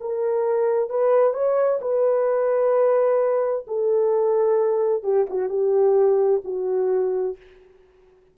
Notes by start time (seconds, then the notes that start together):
0.00 A#4
0.89 B4
1.33 C#5
1.81 B4
3.67 A4
5.03 G4
5.30 F#4
5.49 G4
6.44 F#4